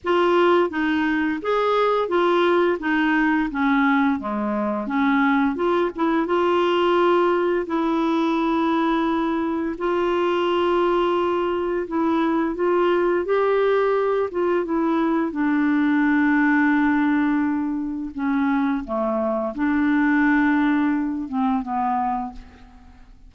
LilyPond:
\new Staff \with { instrumentName = "clarinet" } { \time 4/4 \tempo 4 = 86 f'4 dis'4 gis'4 f'4 | dis'4 cis'4 gis4 cis'4 | f'8 e'8 f'2 e'4~ | e'2 f'2~ |
f'4 e'4 f'4 g'4~ | g'8 f'8 e'4 d'2~ | d'2 cis'4 a4 | d'2~ d'8 c'8 b4 | }